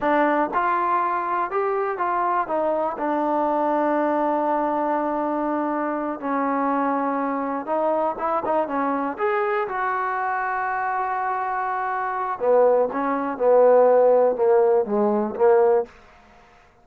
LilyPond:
\new Staff \with { instrumentName = "trombone" } { \time 4/4 \tempo 4 = 121 d'4 f'2 g'4 | f'4 dis'4 d'2~ | d'1~ | d'8 cis'2. dis'8~ |
dis'8 e'8 dis'8 cis'4 gis'4 fis'8~ | fis'1~ | fis'4 b4 cis'4 b4~ | b4 ais4 gis4 ais4 | }